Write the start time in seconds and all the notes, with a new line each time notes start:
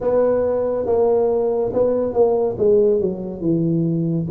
0.00 B3
0.86 A#3
1.73 B3
2.13 A#3
2.58 G#3
3.00 F#3
3.41 E3